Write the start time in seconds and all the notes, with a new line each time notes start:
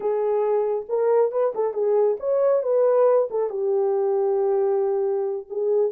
0.00 G#4
0.89 A#4
1.31 B4
1.54 A4
1.73 G#4
2.19 C#5
2.62 B4
3.30 A4
3.49 G4
5.49 G#4